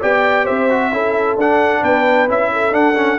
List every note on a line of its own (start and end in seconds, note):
0.00 0.49 B3
0.00 0.70 G4
0.00 0.45 D5
0.00 0.46 G5
0.45 0.92 C4
0.45 0.90 C5
0.45 1.37 E5
0.70 0.92 F#4
0.92 1.37 C#4
0.92 1.37 E4
0.92 1.81 A4
1.37 1.82 D4
1.37 2.28 D4
1.37 1.84 F#5
1.81 2.28 B3
1.81 2.49 B4
1.81 2.29 G5
2.28 2.73 C#4
2.28 2.72 E4
2.28 2.74 E5
2.52 3.19 A4
2.72 2.94 D4
2.72 3.19 D4
2.72 3.19 F#5
2.96 3.18 C#4